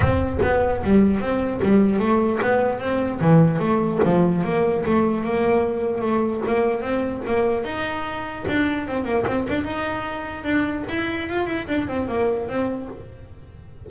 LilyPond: \new Staff \with { instrumentName = "double bass" } { \time 4/4 \tempo 4 = 149 c'4 b4 g4 c'4 | g4 a4 b4 c'4 | e4 a4 f4 ais4 | a4 ais2 a4 |
ais4 c'4 ais4 dis'4~ | dis'4 d'4 c'8 ais8 c'8 d'8 | dis'2 d'4 e'4 | f'8 e'8 d'8 c'8 ais4 c'4 | }